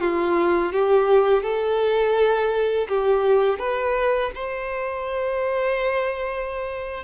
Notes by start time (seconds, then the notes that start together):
0.00 F4
0.72 G4
1.43 A4
2.88 G4
3.58 B4
4.34 C5